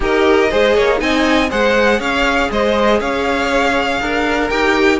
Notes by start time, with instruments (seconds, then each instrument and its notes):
0.00 cello D#4, viola G4, violin A#4 D#5
0.51 cello G#3, viola G#4, violin C5
0.75 cello A#3, violin C#5
0.97 cello C4, viola D#4, violin D#5 G#5
1.50 cello G#3, viola G#4, violin C5 F#5
1.99 cello C#4, violin C#5 F5
2.50 cello G#3, violin C5 D#5
3.00 cello C#4, violin C#5 F5
4.00 cello D4, violin A#4
4.49 cello D#4, viola G4, violin G5